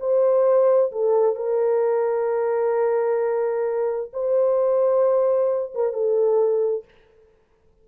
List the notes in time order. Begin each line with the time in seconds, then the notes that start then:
0.00 C5
0.92 A4
1.36 A#4
4.13 C5
5.74 A#4
5.93 A4